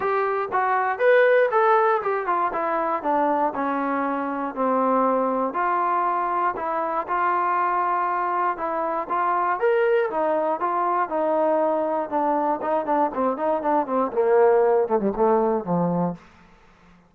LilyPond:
\new Staff \with { instrumentName = "trombone" } { \time 4/4 \tempo 4 = 119 g'4 fis'4 b'4 a'4 | g'8 f'8 e'4 d'4 cis'4~ | cis'4 c'2 f'4~ | f'4 e'4 f'2~ |
f'4 e'4 f'4 ais'4 | dis'4 f'4 dis'2 | d'4 dis'8 d'8 c'8 dis'8 d'8 c'8 | ais4. a16 g16 a4 f4 | }